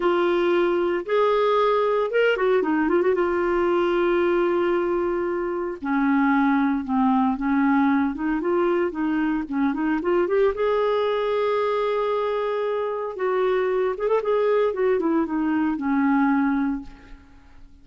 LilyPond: \new Staff \with { instrumentName = "clarinet" } { \time 4/4 \tempo 4 = 114 f'2 gis'2 | ais'8 fis'8 dis'8 f'16 fis'16 f'2~ | f'2. cis'4~ | cis'4 c'4 cis'4. dis'8 |
f'4 dis'4 cis'8 dis'8 f'8 g'8 | gis'1~ | gis'4 fis'4. gis'16 a'16 gis'4 | fis'8 e'8 dis'4 cis'2 | }